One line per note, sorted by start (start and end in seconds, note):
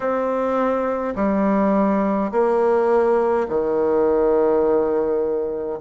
0.00 1.14 C4
1.15 2.31 G3
2.31 3.47 A#3
3.48 5.78 D#3